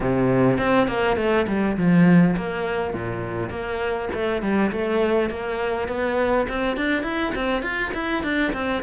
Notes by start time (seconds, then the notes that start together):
0.00 C3
0.57 C4
0.87 A#3
1.17 A3
1.47 G3
1.77 F3
2.36 A#3
2.93 A#2
3.49 A#3
4.13 A3
4.41 G3
4.71 A3
5.29 A#3
5.87 B3
6.48 C4
6.76 D4
7.02 E4
7.35 C4
7.62 F4
7.93 E4
8.23 D4
8.53 C4